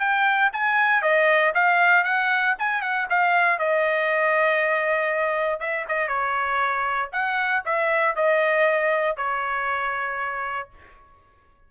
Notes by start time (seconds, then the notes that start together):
0.00 G5
0.53 G#5
1.02 D#5
1.55 F5
2.05 F#5
2.59 G#5
2.82 F#5
3.10 F5
3.59 D#5
5.60 E5
5.89 D#5
6.08 C#5
7.13 F#5
7.65 E5
8.16 D#5
9.17 C#5